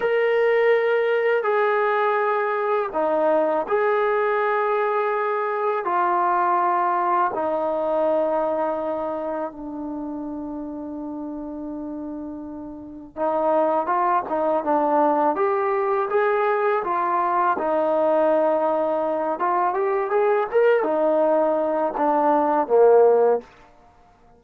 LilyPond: \new Staff \with { instrumentName = "trombone" } { \time 4/4 \tempo 4 = 82 ais'2 gis'2 | dis'4 gis'2. | f'2 dis'2~ | dis'4 d'2.~ |
d'2 dis'4 f'8 dis'8 | d'4 g'4 gis'4 f'4 | dis'2~ dis'8 f'8 g'8 gis'8 | ais'8 dis'4. d'4 ais4 | }